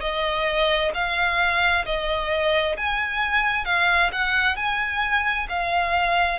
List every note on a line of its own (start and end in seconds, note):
0.00 0.91 D#5
0.94 1.85 F5
1.85 2.76 D#5
2.77 3.65 G#5
3.65 4.10 F5
4.12 4.56 F#5
4.56 5.47 G#5
5.49 6.39 F5